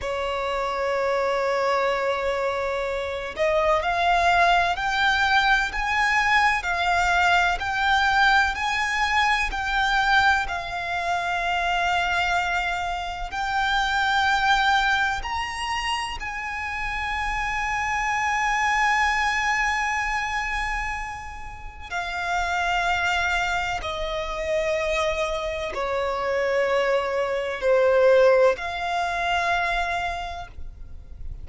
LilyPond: \new Staff \with { instrumentName = "violin" } { \time 4/4 \tempo 4 = 63 cis''2.~ cis''8 dis''8 | f''4 g''4 gis''4 f''4 | g''4 gis''4 g''4 f''4~ | f''2 g''2 |
ais''4 gis''2.~ | gis''2. f''4~ | f''4 dis''2 cis''4~ | cis''4 c''4 f''2 | }